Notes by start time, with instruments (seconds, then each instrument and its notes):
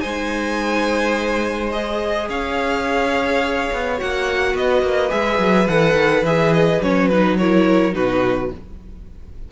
0.00 cello G#3, viola D#4, violin C5 G#5
1.71 viola G#4, violin D#5
2.28 cello C#4, violin C#5 F5
3.72 cello B3
3.97 cello A#3, viola F#4, violin F#5
4.52 cello B3, violin B4 D#5
4.82 cello A#3
5.09 cello G#3, viola G#4, violin E5
5.39 cello F#3
5.67 cello E3, viola A4, violin F#5
5.94 cello D#3
6.22 cello E3, viola G#4, violin E5
6.53 violin D#5
6.81 cello F#3, viola C#4, violin C#5
7.08 viola D#4, violin B4
7.37 viola E4, violin A#4 C#5
7.92 cello B2, viola D#4, violin F#4 B4